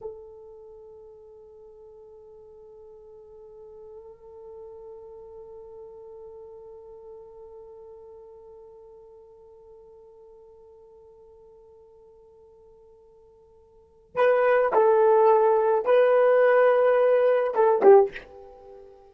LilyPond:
\new Staff \with { instrumentName = "horn" } { \time 4/4 \tempo 4 = 106 a'1~ | a'1~ | a'1~ | a'1~ |
a'1~ | a'1~ | a'4 b'4 a'2 | b'2. a'8 g'8 | }